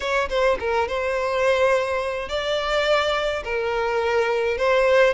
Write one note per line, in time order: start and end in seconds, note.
0.00 0.29 C#5
0.29 0.57 C5
0.59 0.88 A#4
0.88 2.28 C5
2.28 3.43 D5
3.44 4.57 A#4
4.57 5.13 C5